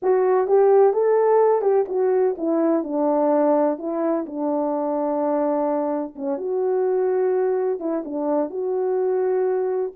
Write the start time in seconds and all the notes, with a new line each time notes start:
0.02 F#4
0.47 G4
0.93 A4
1.61 G4
1.88 F#4
2.37 E4
2.83 D4
3.78 E4
4.26 D4
6.15 C#4
6.37 F#4
7.79 E4
8.04 D4
8.50 F#4